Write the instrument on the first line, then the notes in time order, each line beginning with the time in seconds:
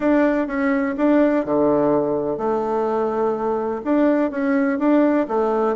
bassoon
0.00 D4
0.47 C#4
0.97 D4
1.45 D3
2.37 A3
3.84 D4
4.31 C#4
4.78 D4
5.28 A3